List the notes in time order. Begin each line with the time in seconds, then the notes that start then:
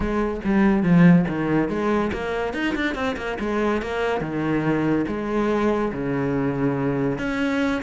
0.00 G#3
0.44 G3
0.82 F3
1.28 D#3
1.69 G#3
2.12 A#3
2.53 D#4
2.75 D4
2.94 C4
3.16 A#3
3.39 G#3
3.82 A#3
4.20 D#3
5.07 G#3
5.92 C#3
7.18 C#4